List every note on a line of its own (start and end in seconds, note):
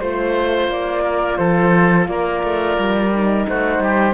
0.00 0.69 A3
0.00 3.12 F4
0.00 0.69 C5
0.00 1.03 C5
0.69 1.37 A#3
0.69 1.37 D5
1.03 1.38 A#4
1.37 2.08 F3
1.37 2.08 A4
1.37 2.06 C5
2.08 2.43 A#3
2.08 3.49 A#4
2.08 3.47 D5
2.43 2.78 A3
2.78 3.47 G3
3.15 4.15 D#4
3.49 3.79 A3
3.49 3.83 F#4
3.49 4.15 C5
3.79 4.14 G3
3.79 4.15 G4